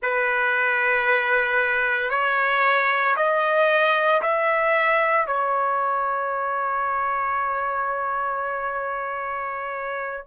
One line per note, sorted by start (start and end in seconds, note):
0.02 2.10 B4
2.10 3.15 C#5
3.16 4.21 D#5
4.22 5.26 E5
5.26 10.26 C#5